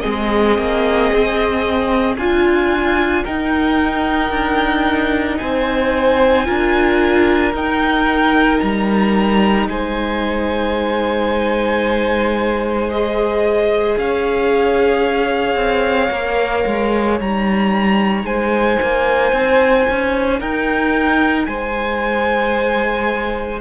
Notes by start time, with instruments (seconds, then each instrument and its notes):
0.00 cello G#3, viola C4, violin G#4 D#5
0.58 cello A#3
1.12 cello C4
2.17 cello D4, violin F4 G#5, viola F4
3.24 viola D#4, cello D#4, violin A#4 G5
4.30 cello D4
5.38 cello C4, violin C5 G#5
6.46 cello D4, viola F4, violin A#4
7.53 cello D#4, viola D#4, violin G5
8.60 cello G3, violin A#5
9.68 cello G#3, violin C5 G#5
12.90 viola G#4, violin D#5
13.98 cello C#4, violin C#5 F5
15.56 cello C4
16.11 cello A#3, viola A#4
16.67 cello G#3
17.18 cello G3, viola D#4, violin A#5
18.24 cello G#3, violin C5 G#5
18.82 cello A#3
19.32 cello C4
19.90 cello C#4
20.40 cello D#4, violin A#4 G5
21.45 cello G#3, violin C5 G#5